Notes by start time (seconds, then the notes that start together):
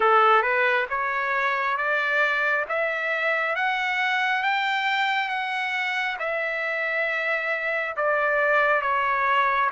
0.00 A4
0.42 B4
0.89 C#5
1.76 D5
2.68 E5
3.55 F#5
4.42 G5
5.28 F#5
6.19 E5
7.96 D5
8.81 C#5